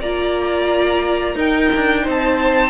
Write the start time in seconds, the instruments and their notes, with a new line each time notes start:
0.00 cello A#3, viola F4, violin D5 A#5
1.35 cello D#4, viola D#4, violin A#4 G5
1.76 cello D4
2.03 cello C4, violin C5
2.10 violin A5